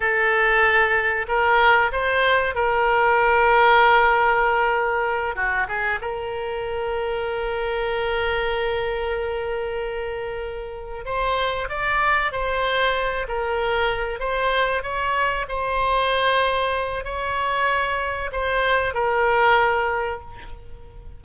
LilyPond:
\new Staff \with { instrumentName = "oboe" } { \time 4/4 \tempo 4 = 95 a'2 ais'4 c''4 | ais'1~ | ais'8 fis'8 gis'8 ais'2~ ais'8~ | ais'1~ |
ais'4. c''4 d''4 c''8~ | c''4 ais'4. c''4 cis''8~ | cis''8 c''2~ c''8 cis''4~ | cis''4 c''4 ais'2 | }